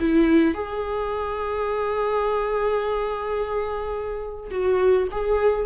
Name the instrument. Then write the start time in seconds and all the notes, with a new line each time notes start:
viola
0.00 E4
0.54 G#4
4.51 F#4
5.11 G#4